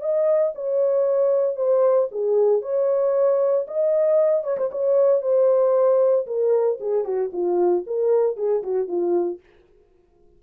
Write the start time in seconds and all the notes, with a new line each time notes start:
0.00 D#5
0.55 C#5
1.56 C5
2.11 G#4
2.61 C#5
3.67 D#5
4.43 C#5
4.57 C5
4.71 C#5
5.21 C5
6.26 A#4
6.80 G#4
7.04 F#4
7.32 F4
7.86 A#4
8.36 G#4
8.62 F#4
8.87 F4